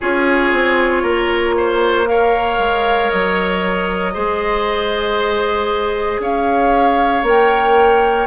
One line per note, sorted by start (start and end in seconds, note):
0.00 0.52 C#4
0.00 2.05 F4
0.00 1.02 G#4
0.00 2.07 C#5
0.52 1.02 C4
1.02 2.58 A#3
1.02 1.54 A#4
1.57 2.08 C5
2.05 4.12 A#4
2.05 4.13 C#5
2.05 3.10 F5
2.58 3.10 G#3
3.10 4.16 F#3
3.10 6.20 D#5
4.13 6.19 G#3
4.13 7.23 G#4
4.13 6.20 C5
6.19 7.22 C#4
6.19 8.27 C#5
6.19 7.25 F5
7.22 8.26 A#3
7.22 8.27 A#4
7.22 8.27 G5